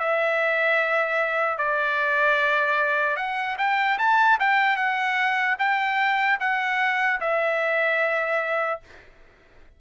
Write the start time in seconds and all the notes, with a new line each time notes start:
0.00 E5
1.59 D5
3.17 F#5
3.59 G5
3.99 A5
4.40 G5
4.77 F#5
5.59 G5
6.41 F#5
7.21 E5